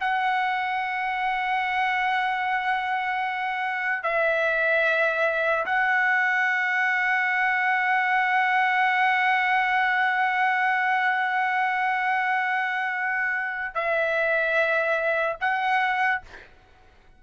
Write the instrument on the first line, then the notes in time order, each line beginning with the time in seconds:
trumpet
0.00 F#5
4.03 E5
5.66 F#5
13.74 E5
15.40 F#5